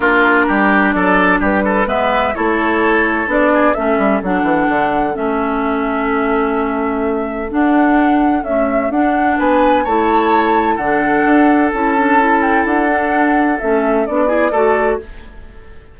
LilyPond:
<<
  \new Staff \with { instrumentName = "flute" } { \time 4/4 \tempo 4 = 128 ais'2 d''4 b'4 | e''4 cis''2 d''4 | e''4 fis''2 e''4~ | e''1 |
fis''2 e''4 fis''4 | gis''4 a''2 fis''4~ | fis''4 a''4. g''8 fis''4~ | fis''4 e''4 d''2 | }
  \new Staff \with { instrumentName = "oboe" } { \time 4/4 f'4 g'4 a'4 g'8 a'8 | b'4 a'2~ a'8 gis'8 | a'1~ | a'1~ |
a'1 | b'4 cis''2 a'4~ | a'1~ | a'2~ a'8 gis'8 a'4 | }
  \new Staff \with { instrumentName = "clarinet" } { \time 4/4 d'1 | b4 e'2 d'4 | cis'4 d'2 cis'4~ | cis'1 |
d'2 a4 d'4~ | d'4 e'2 d'4~ | d'4 e'8 d'8 e'4. d'8~ | d'4 cis'4 d'8 e'8 fis'4 | }
  \new Staff \with { instrumentName = "bassoon" } { \time 4/4 ais4 g4 fis4 g4 | gis4 a2 b4 | a8 g8 fis8 e8 d4 a4~ | a1 |
d'2 cis'4 d'4 | b4 a2 d4 | d'4 cis'2 d'4~ | d'4 a4 b4 a4 | }
>>